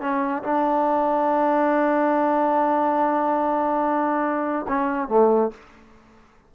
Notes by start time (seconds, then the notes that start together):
0.00 C#4
0.43 D4
4.68 C#4
5.08 A3